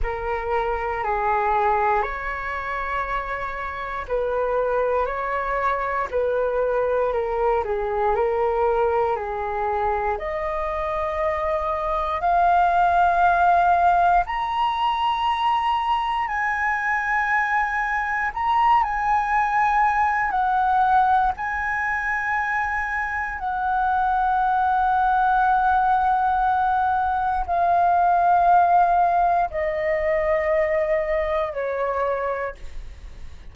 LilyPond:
\new Staff \with { instrumentName = "flute" } { \time 4/4 \tempo 4 = 59 ais'4 gis'4 cis''2 | b'4 cis''4 b'4 ais'8 gis'8 | ais'4 gis'4 dis''2 | f''2 ais''2 |
gis''2 ais''8 gis''4. | fis''4 gis''2 fis''4~ | fis''2. f''4~ | f''4 dis''2 cis''4 | }